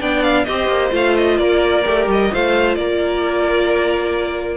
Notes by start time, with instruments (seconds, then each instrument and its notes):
0.00 cello B3, viola D4, violin D5 G5
0.22 violin F5
0.45 cello C4, viola G4, violin C5 D#5
0.67 cello A#3
0.90 cello A3, viola F4, violin F5
1.16 violin D#5
1.38 cello A#3, violin A#4 D5
1.84 cello A3, viola G4
2.07 cello G3, violin D#5
2.31 cello A3, viola F4, violin C5 F5
2.75 cello A#3, violin A#4 D5